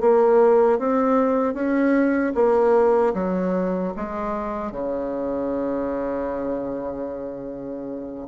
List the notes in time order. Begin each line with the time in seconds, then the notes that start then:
0.00 A#3
0.78 C4
1.54 C#4
2.34 A#3
3.14 F#3
3.96 G#3
4.71 C#3